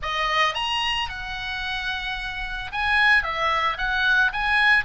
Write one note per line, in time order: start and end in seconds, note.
0.02 0.54 D#5
0.54 1.08 A#5
1.09 2.71 F#5
2.72 3.23 G#5
3.23 3.77 E5
3.77 4.31 F#5
4.32 4.84 G#5